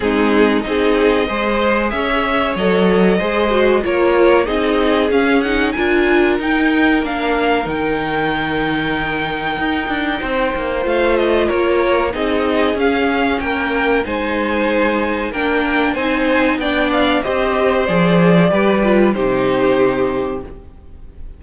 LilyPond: <<
  \new Staff \with { instrumentName = "violin" } { \time 4/4 \tempo 4 = 94 gis'4 dis''2 e''4 | dis''2 cis''4 dis''4 | f''8 fis''8 gis''4 g''4 f''4 | g''1~ |
g''4 f''8 dis''8 cis''4 dis''4 | f''4 g''4 gis''2 | g''4 gis''4 g''8 f''8 dis''4 | d''2 c''2 | }
  \new Staff \with { instrumentName = "violin" } { \time 4/4 dis'4 gis'4 c''4 cis''4~ | cis''4 c''4 ais'4 gis'4~ | gis'4 ais'2.~ | ais'1 |
c''2 ais'4 gis'4~ | gis'4 ais'4 c''2 | ais'4 c''4 d''4 c''4~ | c''4 b'4 g'2 | }
  \new Staff \with { instrumentName = "viola" } { \time 4/4 c'4 dis'4 gis'2 | a'4 gis'8 fis'8 f'4 dis'4 | cis'8 dis'8 f'4 dis'4 d'4 | dis'1~ |
dis'4 f'2 dis'4 | cis'2 dis'2 | d'4 dis'4 d'4 g'4 | gis'4 g'8 f'8 dis'2 | }
  \new Staff \with { instrumentName = "cello" } { \time 4/4 gis4 c'4 gis4 cis'4 | fis4 gis4 ais4 c'4 | cis'4 d'4 dis'4 ais4 | dis2. dis'8 d'8 |
c'8 ais8 a4 ais4 c'4 | cis'4 ais4 gis2 | ais4 c'4 b4 c'4 | f4 g4 c2 | }
>>